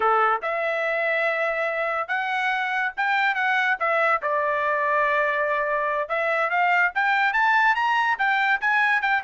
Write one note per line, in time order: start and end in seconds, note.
0.00 0.41 A4
0.41 2.08 E5
2.08 2.91 F#5
2.97 3.35 G5
3.35 3.76 F#5
3.79 4.21 E5
4.21 6.08 D5
6.08 6.49 E5
6.49 6.91 F5
6.94 7.33 G5
7.33 7.75 A5
7.75 8.17 A#5
8.18 8.60 G5
8.60 9.01 G#5
9.01 9.22 G5